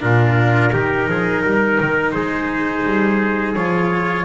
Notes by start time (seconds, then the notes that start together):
0.00 A#2 D4 F4 A#4
0.72 D#3 D#4 G4
1.08 F3 G#4
1.41 G3 A#4
1.81 D#3
2.11 G#3 G#4 C5
2.85 G3
3.55 F3 F4 C#5